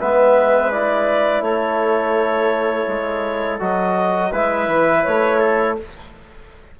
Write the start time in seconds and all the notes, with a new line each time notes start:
0.00 G#3 B3 B4 E5
0.72 E4 D5
1.41 A3 A4 C#5
2.88 G#3
3.60 F#3 F#4 D#5
4.32 G#3 E4 B4 E5
4.68 E3
5.04 A3 C#5
5.40 A4